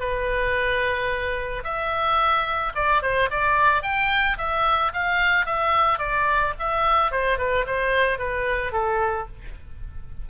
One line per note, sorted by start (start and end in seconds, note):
0.00 1.64 B4
1.64 2.73 E5
2.75 3.02 D5
3.02 3.30 C5
3.31 3.83 D5
3.83 4.37 G5
4.38 4.93 E5
4.93 5.46 F5
5.46 5.99 E5
5.99 6.54 D5
6.59 7.12 E5
7.12 7.38 C5
7.38 7.66 B4
7.67 8.19 C5
8.19 8.72 B4
8.72 9.27 A4